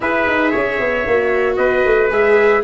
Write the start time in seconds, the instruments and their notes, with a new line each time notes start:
0.00 tuba E4, viola G#4, trumpet B4 E5
0.26 tuba D#4
0.51 tuba C#4, trumpet C#5
0.79 tuba B3
1.06 tuba A#3, viola F#4
1.56 tuba B3, trumpet B4 D#5
1.85 tuba A3
2.10 tuba G#3, viola G#4, trumpet E5